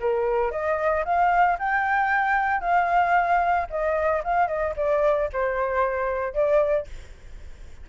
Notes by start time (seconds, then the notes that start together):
0.00 A#4
0.51 D#5
1.05 F5
1.59 G5
2.61 F5
3.70 D#5
4.24 F5
4.47 D#5
4.76 D5
5.33 C5
6.34 D5